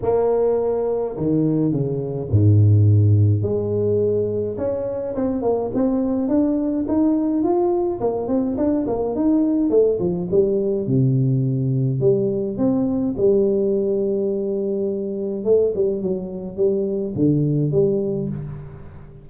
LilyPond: \new Staff \with { instrumentName = "tuba" } { \time 4/4 \tempo 4 = 105 ais2 dis4 cis4 | gis,2 gis2 | cis'4 c'8 ais8 c'4 d'4 | dis'4 f'4 ais8 c'8 d'8 ais8 |
dis'4 a8 f8 g4 c4~ | c4 g4 c'4 g4~ | g2. a8 g8 | fis4 g4 d4 g4 | }